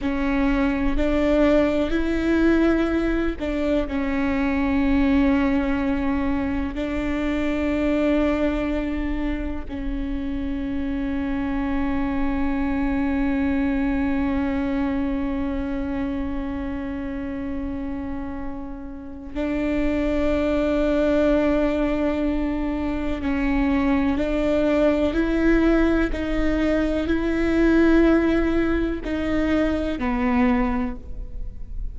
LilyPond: \new Staff \with { instrumentName = "viola" } { \time 4/4 \tempo 4 = 62 cis'4 d'4 e'4. d'8 | cis'2. d'4~ | d'2 cis'2~ | cis'1~ |
cis'1 | d'1 | cis'4 d'4 e'4 dis'4 | e'2 dis'4 b4 | }